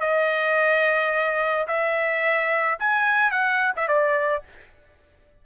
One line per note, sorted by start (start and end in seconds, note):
0.00 1.67 D#5
1.67 2.78 E5
2.79 3.31 G#5
3.31 3.72 F#5
3.76 3.88 E5
3.88 4.43 D5